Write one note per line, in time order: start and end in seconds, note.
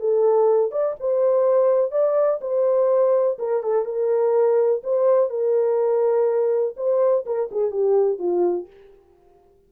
0.00 0.72 A4
0.72 0.96 D5
1.00 1.92 C5
1.92 2.40 D5
2.41 3.38 C5
3.39 3.63 A#4
3.63 3.85 A4
3.85 4.82 A#4
4.84 5.30 C5
5.30 6.75 A#4
6.77 7.25 C5
7.26 7.50 A#4
7.52 7.72 G#4
7.72 8.19 G4
8.19 8.67 F4